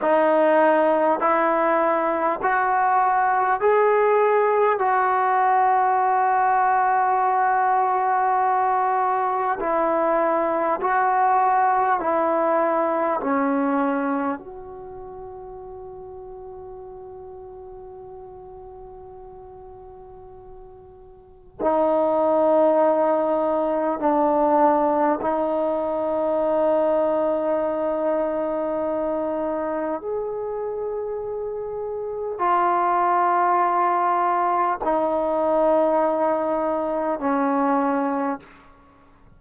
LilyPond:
\new Staff \with { instrumentName = "trombone" } { \time 4/4 \tempo 4 = 50 dis'4 e'4 fis'4 gis'4 | fis'1 | e'4 fis'4 e'4 cis'4 | fis'1~ |
fis'2 dis'2 | d'4 dis'2.~ | dis'4 gis'2 f'4~ | f'4 dis'2 cis'4 | }